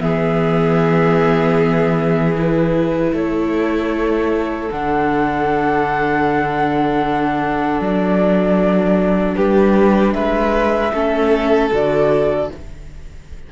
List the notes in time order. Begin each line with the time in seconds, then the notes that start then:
0.00 E3 B3 G#4 E5
2.36 E4 B4
3.12 A3 A4 C#5
4.70 D3 D4 F#5
7.80 F#3 D5
9.36 G3 G4 B4
10.13 G#3 B4 E5
10.93 A3 C#4 A4
11.72 D3 F#4 D5